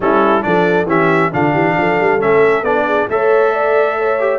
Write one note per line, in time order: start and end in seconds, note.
0.00 0.44 G3
0.00 0.41 C#4
0.00 0.46 E4
0.00 0.42 A4
0.41 0.85 F3
0.41 0.85 D4
0.41 0.87 A4
0.41 0.86 D5
0.85 1.29 E3
0.85 1.32 C#4
0.85 1.31 G4
0.85 1.33 E5
1.32 1.53 D3
1.32 2.19 D4
1.32 1.52 F4
1.32 2.21 F5
1.52 1.75 E3
1.52 1.74 G4
1.77 1.99 F3
1.77 2.85 A4
2.00 2.22 G3
2.19 2.62 A3
2.19 2.63 C#4
2.19 2.64 E5
2.62 3.07 B3
2.62 3.09 D4
2.62 3.08 D5
2.85 3.08 G#4
3.09 4.39 A3
3.09 4.19 A4
3.09 3.53 C#5
3.09 4.39 E5
3.53 3.97 D5
3.98 4.39 C#5
4.19 4.39 G4